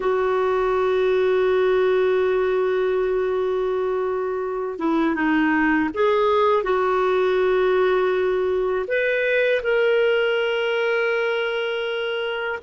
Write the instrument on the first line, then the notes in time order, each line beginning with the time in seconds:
clarinet
0.00 F#4
4.78 E4
5.15 D#4
5.94 G#4
6.63 F#4
8.87 B4
9.63 A#4